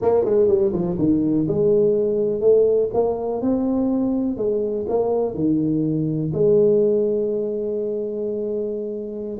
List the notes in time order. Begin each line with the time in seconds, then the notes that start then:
0.01 A#3
0.25 G#3
0.47 G3
0.73 F3
0.98 D#3
1.48 G#3
2.41 A3
2.93 A#3
3.41 C4
4.37 G#3
4.88 A#3
5.34 D#3
6.33 G#3